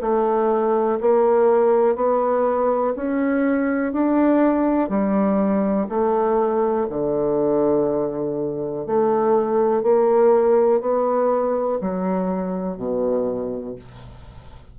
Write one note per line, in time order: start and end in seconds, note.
0.00 0.98 A3
1.00 1.95 A#3
1.95 2.93 B3
2.96 3.92 C#4
3.92 4.89 D4
4.89 5.87 G3
5.88 6.87 A3
6.89 8.86 D3
8.86 9.82 A3
9.82 10.80 A#3
10.80 11.79 B3
11.80 12.76 F#3
12.76 13.75 B2